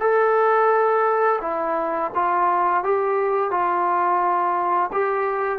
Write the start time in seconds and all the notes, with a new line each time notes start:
0.00 A4
1.41 E4
2.15 F4
2.84 G4
3.51 F4
4.92 G4